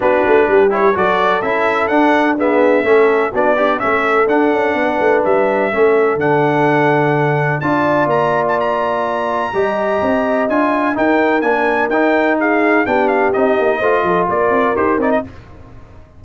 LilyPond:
<<
  \new Staff \with { instrumentName = "trumpet" } { \time 4/4 \tempo 4 = 126 b'4. cis''8 d''4 e''4 | fis''4 e''2 d''4 | e''4 fis''2 e''4~ | e''4 fis''2. |
a''4 ais''8. a''16 ais''2~ | ais''2 gis''4 g''4 | gis''4 g''4 f''4 g''8 f''8 | dis''2 d''4 c''8 d''16 dis''16 | }
  \new Staff \with { instrumentName = "horn" } { \time 4/4 fis'4 g'4 a'2~ | a'4 gis'4 a'4 fis'8 d'8 | a'2 b'2 | a'1 |
d''1 | dis''2. ais'4~ | ais'2 gis'4 g'4~ | g'4 c''8 a'8 ais'2 | }
  \new Staff \with { instrumentName = "trombone" } { \time 4/4 d'4. e'8 fis'4 e'4 | d'4 b4 cis'4 d'8 g'8 | cis'4 d'2. | cis'4 d'2. |
f'1 | g'2 f'4 dis'4 | d'4 dis'2 d'4 | dis'4 f'2 g'8 dis'8 | }
  \new Staff \with { instrumentName = "tuba" } { \time 4/4 b8 a8 g4 fis4 cis'4 | d'2 a4 b4 | a4 d'8 cis'8 b8 a8 g4 | a4 d2. |
d'4 ais2. | g4 c'4 d'4 dis'4 | ais4 dis'2 b4 | c'8 ais8 a8 f8 ais8 c'8 dis'8 c'8 | }
>>